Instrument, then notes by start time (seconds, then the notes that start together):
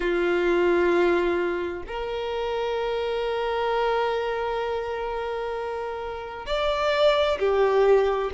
violin
0.00 F4
1.87 A#4
6.46 D5
7.38 G4